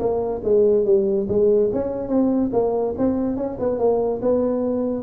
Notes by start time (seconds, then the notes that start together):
0.00 A#3
0.44 G#3
0.85 G3
1.29 G#3
1.73 C#4
2.08 C4
2.53 A#3
2.98 C4
3.37 C#4
3.60 B3
3.79 A#3
4.22 B3